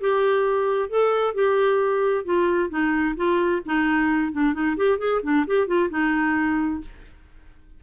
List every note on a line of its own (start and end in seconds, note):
0.00 0.89 G4
0.89 1.34 A4
1.34 2.24 G4
2.24 2.69 F4
2.69 3.15 D#4
3.16 3.62 F4
3.65 4.32 D#4
4.32 4.53 D4
4.53 4.76 D#4
4.76 4.98 G4
4.98 5.21 G#4
5.22 5.45 D4
5.46 5.67 G4
5.67 5.89 F4
5.90 6.81 D#4